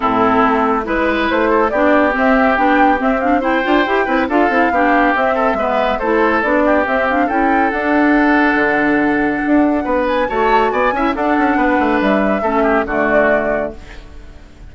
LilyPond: <<
  \new Staff \with { instrumentName = "flute" } { \time 4/4 \tempo 4 = 140 a'2 b'4 c''4 | d''4 e''4 g''4 e''8 f''8 | g''2 f''2 | e''2 c''4 d''4 |
e''8 f''8 g''4 fis''2~ | fis''2.~ fis''8 gis''8 | a''4 gis''4 fis''2 | e''2 d''2 | }
  \new Staff \with { instrumentName = "oboe" } { \time 4/4 e'2 b'4. a'8 | g'1 | c''4. b'8 a'4 g'4~ | g'8 a'8 b'4 a'4. g'8~ |
g'4 a'2.~ | a'2. b'4 | cis''4 d''8 e''8 a'4 b'4~ | b'4 a'8 g'8 fis'2 | }
  \new Staff \with { instrumentName = "clarinet" } { \time 4/4 c'2 e'2 | d'4 c'4 d'4 c'8 d'8 | e'8 f'8 g'8 e'8 f'8 e'8 d'4 | c'4 b4 e'4 d'4 |
c'8 d'8 e'4 d'2~ | d'1 | fis'4. e'8 d'2~ | d'4 cis'4 a2 | }
  \new Staff \with { instrumentName = "bassoon" } { \time 4/4 a,4 a4 gis4 a4 | b4 c'4 b4 c'4~ | c'8 d'8 e'8 c'8 d'8 c'8 b4 | c'4 gis4 a4 b4 |
c'4 cis'4 d'2 | d2 d'4 b4 | a4 b8 cis'8 d'8 cis'8 b8 a8 | g4 a4 d2 | }
>>